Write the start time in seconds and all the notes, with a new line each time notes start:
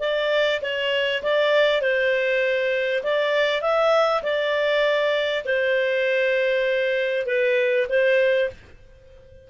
0.00 D5
0.62 C#5
1.23 D5
1.82 C5
3.04 D5
3.62 E5
4.23 D5
5.45 C5
7.26 B4
7.89 C5